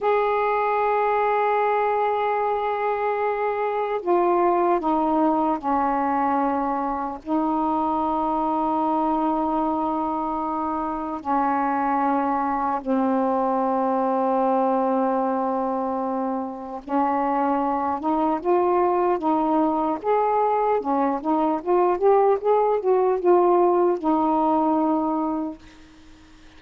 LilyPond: \new Staff \with { instrumentName = "saxophone" } { \time 4/4 \tempo 4 = 75 gis'1~ | gis'4 f'4 dis'4 cis'4~ | cis'4 dis'2.~ | dis'2 cis'2 |
c'1~ | c'4 cis'4. dis'8 f'4 | dis'4 gis'4 cis'8 dis'8 f'8 g'8 | gis'8 fis'8 f'4 dis'2 | }